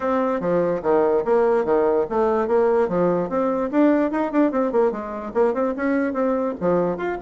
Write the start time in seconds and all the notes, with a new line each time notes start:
0.00 C4
0.40 F3
0.82 D#3
1.24 A#3
1.64 D#3
2.09 A3
2.47 A#3
2.88 F3
3.29 C4
3.71 D4
4.11 D#4
4.32 D4
4.51 C4
4.71 A#3
4.91 G#3
5.34 A#3
5.53 C4
5.76 C#4
6.13 C4
6.60 F3
6.97 F4